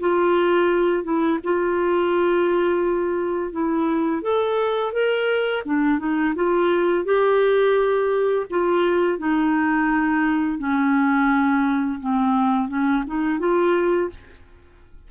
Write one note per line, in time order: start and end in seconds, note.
0.00 1.04 F4
1.04 1.39 E4
1.44 3.52 F4
3.52 4.22 E4
4.22 4.93 A4
4.93 5.63 A#4
5.65 5.99 D4
5.99 6.34 D#4
6.36 7.05 F4
7.05 8.46 G4
8.50 9.19 F4
9.19 10.59 D#4
10.59 12.00 C#4
12.00 12.68 C4
12.68 13.04 C#4
13.07 13.39 D#4
13.39 14.10 F4